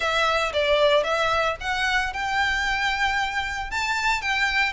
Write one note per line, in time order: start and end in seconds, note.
0.00 0.52 E5
0.53 1.03 D5
1.03 1.56 E5
1.60 2.13 F#5
2.13 3.70 G5
3.70 4.21 A5
4.21 4.72 G5